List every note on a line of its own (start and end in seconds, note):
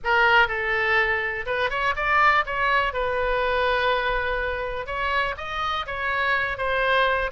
0.04 0.48 A#4
0.48 1.45 A4
1.46 1.69 B4
1.69 1.94 C#5
1.96 2.44 D5
2.46 2.93 C#5
2.93 4.86 B4
4.86 5.35 C#5
5.37 5.86 D#5
5.86 6.57 C#5
6.57 7.30 C5